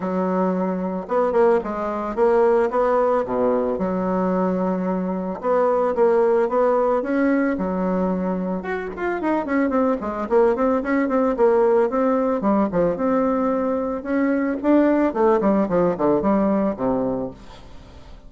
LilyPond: \new Staff \with { instrumentName = "bassoon" } { \time 4/4 \tempo 4 = 111 fis2 b8 ais8 gis4 | ais4 b4 b,4 fis4~ | fis2 b4 ais4 | b4 cis'4 fis2 |
fis'8 f'8 dis'8 cis'8 c'8 gis8 ais8 c'8 | cis'8 c'8 ais4 c'4 g8 f8 | c'2 cis'4 d'4 | a8 g8 f8 d8 g4 c4 | }